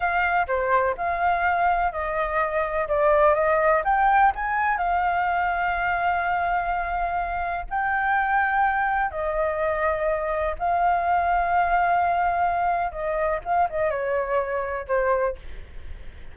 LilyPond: \new Staff \with { instrumentName = "flute" } { \time 4/4 \tempo 4 = 125 f''4 c''4 f''2 | dis''2 d''4 dis''4 | g''4 gis''4 f''2~ | f''1 |
g''2. dis''4~ | dis''2 f''2~ | f''2. dis''4 | f''8 dis''8 cis''2 c''4 | }